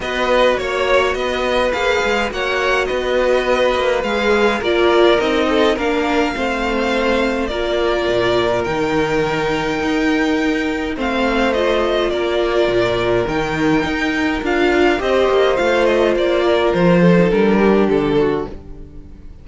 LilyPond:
<<
  \new Staff \with { instrumentName = "violin" } { \time 4/4 \tempo 4 = 104 dis''4 cis''4 dis''4 f''4 | fis''4 dis''2 f''4 | d''4 dis''4 f''2~ | f''4 d''2 g''4~ |
g''2. f''4 | dis''4 d''2 g''4~ | g''4 f''4 dis''4 f''8 dis''8 | d''4 c''4 ais'4 a'4 | }
  \new Staff \with { instrumentName = "violin" } { \time 4/4 b'4 cis''4 b'2 | cis''4 b'2. | ais'4. a'8 ais'4 c''4~ | c''4 ais'2.~ |
ais'2. c''4~ | c''4 ais'2.~ | ais'2 c''2~ | c''8 ais'4 a'4 g'4 fis'8 | }
  \new Staff \with { instrumentName = "viola" } { \time 4/4 fis'2. gis'4 | fis'2. gis'4 | f'4 dis'4 d'4 c'4~ | c'4 f'2 dis'4~ |
dis'2. c'4 | f'2. dis'4~ | dis'4 f'4 g'4 f'4~ | f'4.~ f'16 dis'16 d'2 | }
  \new Staff \with { instrumentName = "cello" } { \time 4/4 b4 ais4 b4 ais8 gis8 | ais4 b4. ais8 gis4 | ais4 c'4 ais4 a4~ | a4 ais4 ais,4 dis4~ |
dis4 dis'2 a4~ | a4 ais4 ais,4 dis4 | dis'4 d'4 c'8 ais8 a4 | ais4 f4 g4 d4 | }
>>